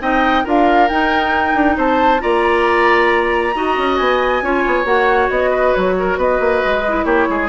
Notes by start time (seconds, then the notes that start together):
0.00 C4 D#4 D#5 G5
0.44 D4 F4 A#4 F5
0.88 D#4 G5
1.54 D4
1.76 C4 C5 A5
2.20 A#3 F4 D5 A#5
3.54 D#4 F#4 D#5
3.77 C#4
3.96 B3 G#5
4.42 C#4 F4 C#5
4.66 B3
4.84 A#3 F#4 F#5
5.29 B3 D#5
5.50 B4
5.73 F#3 C#5
5.99 A#4
6.17 B3 B4 D#5
6.40 A#3
6.64 G#3
6.88 E4
7.05 A#3 G4 C#5
7.29 G#3 G#4